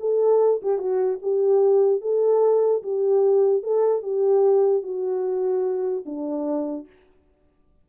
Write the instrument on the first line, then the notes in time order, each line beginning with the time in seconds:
horn
0.00 A4
0.62 G4
0.78 F#4
1.22 G4
2.01 A4
2.83 G4
3.63 A4
4.02 G4
4.83 F#4
6.05 D4